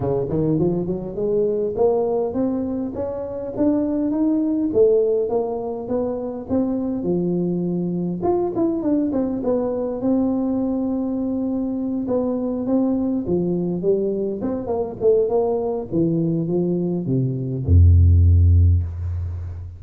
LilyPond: \new Staff \with { instrumentName = "tuba" } { \time 4/4 \tempo 4 = 102 cis8 dis8 f8 fis8 gis4 ais4 | c'4 cis'4 d'4 dis'4 | a4 ais4 b4 c'4 | f2 f'8 e'8 d'8 c'8 |
b4 c'2.~ | c'8 b4 c'4 f4 g8~ | g8 c'8 ais8 a8 ais4 e4 | f4 c4 f,2 | }